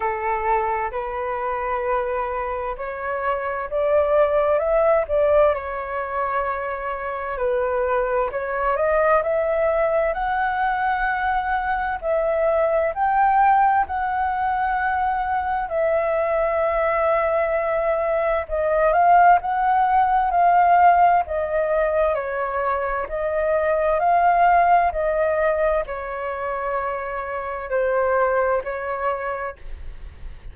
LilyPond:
\new Staff \with { instrumentName = "flute" } { \time 4/4 \tempo 4 = 65 a'4 b'2 cis''4 | d''4 e''8 d''8 cis''2 | b'4 cis''8 dis''8 e''4 fis''4~ | fis''4 e''4 g''4 fis''4~ |
fis''4 e''2. | dis''8 f''8 fis''4 f''4 dis''4 | cis''4 dis''4 f''4 dis''4 | cis''2 c''4 cis''4 | }